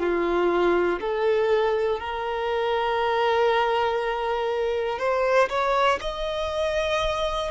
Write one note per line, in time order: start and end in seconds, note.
0.00 1.00 F4
1.00 2.00 A4
2.00 4.99 A#4
4.99 5.49 C5
5.50 6.00 C#5
6.00 7.50 D#5